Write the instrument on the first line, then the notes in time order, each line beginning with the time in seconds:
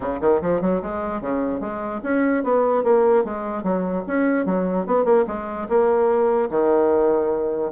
bassoon
0.00 C#3
0.20 D#3
0.41 F3
0.61 F#3
0.82 G#3
1.21 C#3
1.60 G#3
2.03 C#4
2.43 B3
2.83 A#3
3.24 G#3
3.63 F#3
4.07 C#4
4.45 F#3
4.86 B3
5.04 A#3
5.27 G#3
5.68 A#3
6.50 D#3